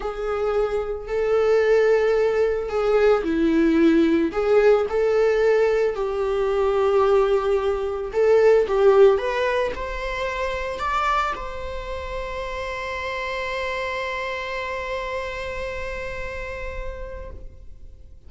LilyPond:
\new Staff \with { instrumentName = "viola" } { \time 4/4 \tempo 4 = 111 gis'2 a'2~ | a'4 gis'4 e'2 | gis'4 a'2 g'4~ | g'2. a'4 |
g'4 b'4 c''2 | d''4 c''2.~ | c''1~ | c''1 | }